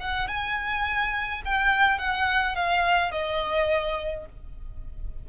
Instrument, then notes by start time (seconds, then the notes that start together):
violin
0.00 F#5
0.28 G#5
1.45 G5
1.99 F#5
2.55 F5
3.12 D#5